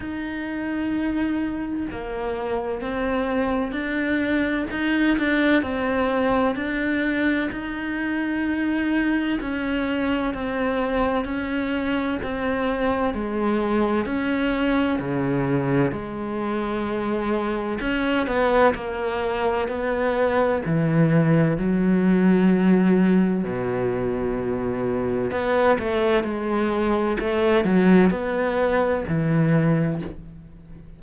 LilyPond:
\new Staff \with { instrumentName = "cello" } { \time 4/4 \tempo 4 = 64 dis'2 ais4 c'4 | d'4 dis'8 d'8 c'4 d'4 | dis'2 cis'4 c'4 | cis'4 c'4 gis4 cis'4 |
cis4 gis2 cis'8 b8 | ais4 b4 e4 fis4~ | fis4 b,2 b8 a8 | gis4 a8 fis8 b4 e4 | }